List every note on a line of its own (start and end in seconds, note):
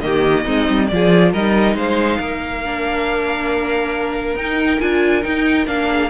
0.00 0.45 D#3
0.00 0.45 A#3
0.00 0.45 G4
0.00 0.87 D#5
0.45 0.68 G#3
0.45 0.88 C4
0.45 0.88 D#4
0.69 0.90 G3
0.88 1.33 F3
0.88 1.35 F4
0.88 1.32 G#4
0.88 1.31 D5
1.32 1.75 G3
1.32 2.64 D#4
1.32 1.75 A#4
1.32 1.76 D#5
1.75 2.18 G#3
1.75 2.19 C5
1.75 4.36 F5
2.19 4.35 A#3
2.19 5.89 A#4
2.64 4.38 D4
4.35 4.79 D#4
4.35 4.80 D#4
4.35 4.80 G5
4.80 5.24 D4
4.80 5.22 F4
4.80 5.22 G#5
5.22 5.65 D#4
5.22 5.67 D#4
5.22 5.66 G5
5.67 6.10 A#3
5.67 6.10 D4
5.67 6.10 F5
5.89 6.10 G#4